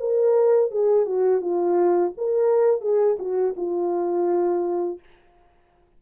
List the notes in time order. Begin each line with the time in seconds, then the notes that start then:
0.00 A#4
0.71 G#4
1.06 F#4
1.41 F4
2.18 A#4
2.81 G#4
3.19 F#4
3.57 F4